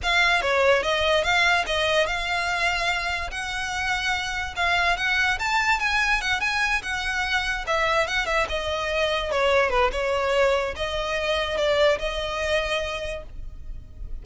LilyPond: \new Staff \with { instrumentName = "violin" } { \time 4/4 \tempo 4 = 145 f''4 cis''4 dis''4 f''4 | dis''4 f''2. | fis''2. f''4 | fis''4 a''4 gis''4 fis''8 gis''8~ |
gis''8 fis''2 e''4 fis''8 | e''8 dis''2 cis''4 b'8 | cis''2 dis''2 | d''4 dis''2. | }